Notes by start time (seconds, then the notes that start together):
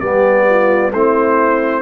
0.00 G3 B3 G4 D5
0.49 F4
0.92 A3 C4 E4 C5